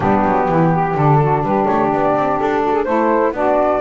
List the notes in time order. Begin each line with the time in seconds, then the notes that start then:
0.00 G3 B3 D4 G4
0.25 F#3
0.48 E3 E4
0.72 G4
0.94 D3 D4 A4
1.20 F#4
1.42 G3 G4 B4
1.64 A3 C#5
1.91 B3 D5
2.15 C4
2.39 D4 A4
2.64 F#4
2.72 G#4
2.84 A3 E4 A4 C5
3.31 B3 D4 F#4 D5